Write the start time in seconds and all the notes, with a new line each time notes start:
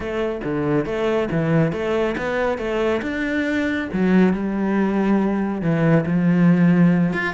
0.00 A3
0.44 D3
0.85 A3
1.31 E3
1.72 A3
2.17 B3
2.58 A3
3.02 D4
3.92 F#3
4.33 G3
5.61 E3
6.06 F3
7.13 F4